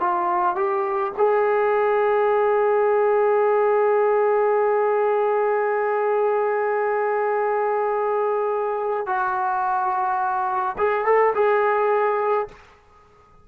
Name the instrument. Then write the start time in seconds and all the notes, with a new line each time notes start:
trombone
0.00 F4
0.56 G4
1.17 G#4
9.07 F#4
10.78 G#4
11.06 A4
11.35 G#4